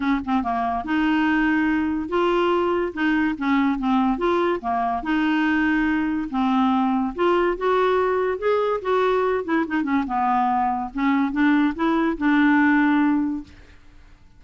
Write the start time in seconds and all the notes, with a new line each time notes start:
0.00 C#4
0.25 C4
0.43 A#3
0.84 D#4
2.08 F4
2.93 D#4
3.38 C#4
3.78 C4
4.18 F4
4.61 A#3
5.02 D#4
6.30 C4
7.15 F4
7.57 F#4
8.38 G#4
8.81 F#4
9.44 E4
9.67 D#4
9.83 C#4
10.06 B3
10.93 C#4
11.32 D4
11.75 E4
12.17 D4